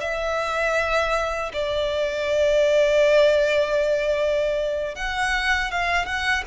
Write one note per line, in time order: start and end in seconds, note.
0.00 1.52 E5
1.53 4.95 D5
4.95 5.71 F#5
5.71 6.06 F5
6.06 6.43 F#5